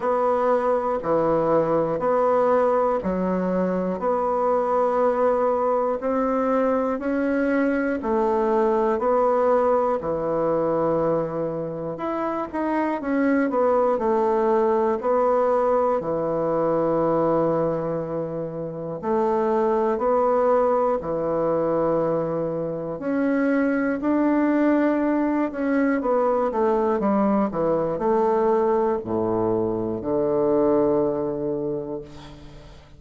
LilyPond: \new Staff \with { instrumentName = "bassoon" } { \time 4/4 \tempo 4 = 60 b4 e4 b4 fis4 | b2 c'4 cis'4 | a4 b4 e2 | e'8 dis'8 cis'8 b8 a4 b4 |
e2. a4 | b4 e2 cis'4 | d'4. cis'8 b8 a8 g8 e8 | a4 a,4 d2 | }